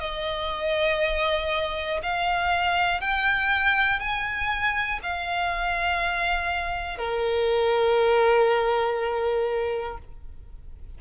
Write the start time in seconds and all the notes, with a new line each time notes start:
0.00 D#5
2.03 F5
3.01 G5
4.00 G#5
5.03 F5
6.98 A#4